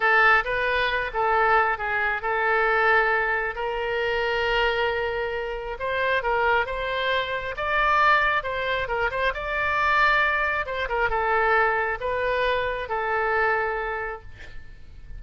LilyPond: \new Staff \with { instrumentName = "oboe" } { \time 4/4 \tempo 4 = 135 a'4 b'4. a'4. | gis'4 a'2. | ais'1~ | ais'4 c''4 ais'4 c''4~ |
c''4 d''2 c''4 | ais'8 c''8 d''2. | c''8 ais'8 a'2 b'4~ | b'4 a'2. | }